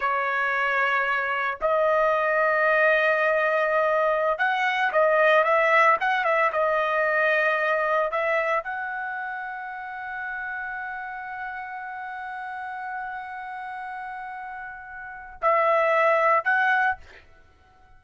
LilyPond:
\new Staff \with { instrumentName = "trumpet" } { \time 4/4 \tempo 4 = 113 cis''2. dis''4~ | dis''1~ | dis''16 fis''4 dis''4 e''4 fis''8 e''16~ | e''16 dis''2. e''8.~ |
e''16 fis''2.~ fis''8.~ | fis''1~ | fis''1~ | fis''4 e''2 fis''4 | }